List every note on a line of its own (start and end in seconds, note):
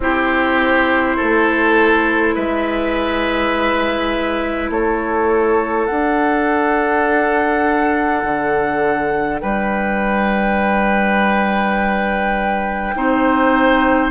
0.00 1.18 C4
0.00 5.89 E4
0.00 1.16 G4
0.00 2.34 C5
1.16 2.36 A3
1.16 2.34 A4
2.34 4.69 G#3
2.34 4.70 B4
2.34 4.70 E5
4.69 5.87 A3
4.69 9.41 A4
4.69 5.86 C#5
5.86 12.95 D4
5.86 8.23 D4
5.86 9.38 F#5
8.23 9.41 D3
9.39 12.95 G3
9.39 12.94 B4
9.39 14.10 G5
12.95 14.11 C4
12.95 14.11 D#4
12.95 14.11 C5